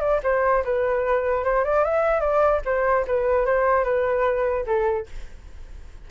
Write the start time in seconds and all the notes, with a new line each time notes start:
0.00 D5
0.23 C5
0.64 B4
1.44 C5
1.64 D5
1.85 E5
2.21 D5
2.65 C5
3.07 B4
3.46 C5
3.84 B4
4.66 A4